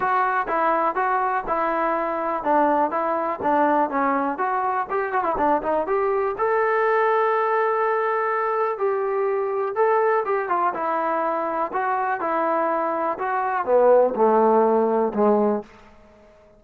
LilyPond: \new Staff \with { instrumentName = "trombone" } { \time 4/4 \tempo 4 = 123 fis'4 e'4 fis'4 e'4~ | e'4 d'4 e'4 d'4 | cis'4 fis'4 g'8 fis'16 e'16 d'8 dis'8 | g'4 a'2.~ |
a'2 g'2 | a'4 g'8 f'8 e'2 | fis'4 e'2 fis'4 | b4 a2 gis4 | }